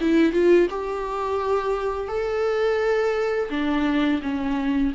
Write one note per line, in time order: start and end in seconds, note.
0.00 0.32 E4
0.32 0.67 F4
0.70 2.08 G4
2.08 3.49 A4
3.50 4.20 D4
4.22 4.93 C#4